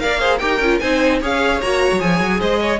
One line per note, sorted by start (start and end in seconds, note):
0.00 0.42 A#3
0.00 0.20 A#4
0.00 0.20 D5
0.00 0.38 F5
0.20 0.40 G#4
0.20 0.40 C5
0.38 0.59 D#4
0.38 0.61 G4
0.38 0.81 A#4
0.38 0.78 G5
0.59 0.79 C#4
0.59 0.82 F4
0.80 1.21 C4
0.80 1.22 D#4
0.80 1.21 C5
0.80 1.20 G#5
1.21 1.61 C#4
1.21 1.62 G#4
1.21 2.40 C#5
1.21 1.61 F5
1.61 1.92 A#3
1.61 1.99 F#4
1.61 2.01 A#5
1.92 2.01 F#3
1.99 2.20 F3
1.99 2.79 G#4
1.99 2.41 G#5
2.20 2.40 F#3
2.40 2.80 G#3
2.40 2.60 C5
2.40 2.80 D#5
2.61 2.80 C#5